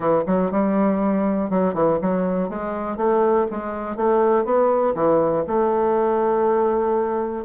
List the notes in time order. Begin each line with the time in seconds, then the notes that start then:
0.00 E3
0.26 F#3
0.51 G3
1.50 F#3
1.74 E3
2.01 F#3
2.49 G#3
2.96 A3
3.50 G#3
3.96 A3
4.44 B3
4.95 E3
5.47 A3